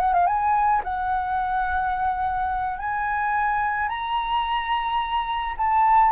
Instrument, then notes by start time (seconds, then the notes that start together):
flute
0.00 F#5
0.13 F5
0.27 G#5
0.84 F#5
2.79 G#5
3.88 A#5
5.58 A5